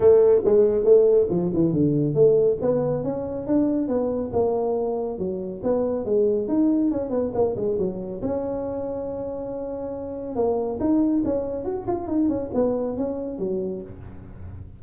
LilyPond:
\new Staff \with { instrumentName = "tuba" } { \time 4/4 \tempo 4 = 139 a4 gis4 a4 f8 e8 | d4 a4 b4 cis'4 | d'4 b4 ais2 | fis4 b4 gis4 dis'4 |
cis'8 b8 ais8 gis8 fis4 cis'4~ | cis'1 | ais4 dis'4 cis'4 fis'8 f'8 | dis'8 cis'8 b4 cis'4 fis4 | }